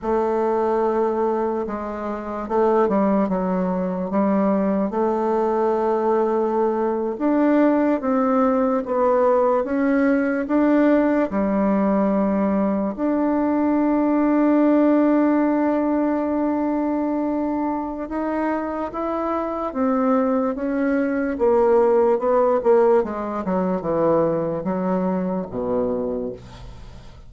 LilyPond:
\new Staff \with { instrumentName = "bassoon" } { \time 4/4 \tempo 4 = 73 a2 gis4 a8 g8 | fis4 g4 a2~ | a8. d'4 c'4 b4 cis'16~ | cis'8. d'4 g2 d'16~ |
d'1~ | d'2 dis'4 e'4 | c'4 cis'4 ais4 b8 ais8 | gis8 fis8 e4 fis4 b,4 | }